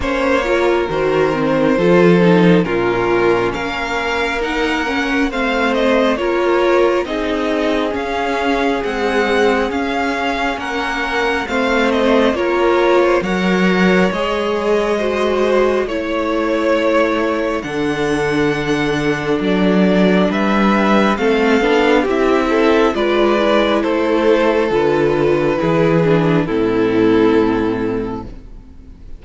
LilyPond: <<
  \new Staff \with { instrumentName = "violin" } { \time 4/4 \tempo 4 = 68 cis''4 c''2 ais'4 | f''4 fis''4 f''8 dis''8 cis''4 | dis''4 f''4 fis''4 f''4 | fis''4 f''8 dis''8 cis''4 fis''4 |
dis''2 cis''2 | fis''2 d''4 e''4 | f''4 e''4 d''4 c''4 | b'2 a'2 | }
  \new Staff \with { instrumentName = "violin" } { \time 4/4 c''8 ais'4. a'4 f'4 | ais'2 c''4 ais'4 | gis'1 | ais'4 c''4 ais'8. c''16 cis''4~ |
cis''4 c''4 cis''2 | a'2. b'4 | a'4 g'8 a'8 b'4 a'4~ | a'4 gis'4 e'2 | }
  \new Staff \with { instrumentName = "viola" } { \time 4/4 cis'8 f'8 fis'8 c'8 f'8 dis'8 cis'4~ | cis'4 dis'8 cis'8 c'4 f'4 | dis'4 cis'4 gis4 cis'4~ | cis'4 c'4 f'4 ais'4 |
gis'4 fis'4 e'2 | d'1 | c'8 d'8 e'4 f'8 e'4. | f'4 e'8 d'8 c'2 | }
  \new Staff \with { instrumentName = "cello" } { \time 4/4 ais4 dis4 f4 ais,4 | ais2 a4 ais4 | c'4 cis'4 c'4 cis'4 | ais4 a4 ais4 fis4 |
gis2 a2 | d2 fis4 g4 | a8 b8 c'4 gis4 a4 | d4 e4 a,2 | }
>>